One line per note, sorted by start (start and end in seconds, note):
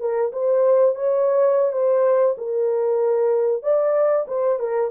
0.00 0.32 A#4
0.32 0.95 C5
0.95 1.73 C#5
1.73 2.36 C5
2.37 3.63 A#4
3.63 4.26 D5
4.28 4.59 C5
4.59 4.91 A#4